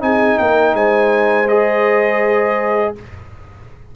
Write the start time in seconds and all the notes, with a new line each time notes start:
0.00 C4 D#4 G#4 G#5
0.38 A#3 A#4 G5
0.74 G#3 C5 G#5
1.49 G#4 D#5